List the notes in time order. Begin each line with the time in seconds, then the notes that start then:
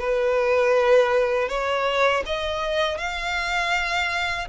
0.00 B4
1.49 C#5
2.26 D#5
2.98 F5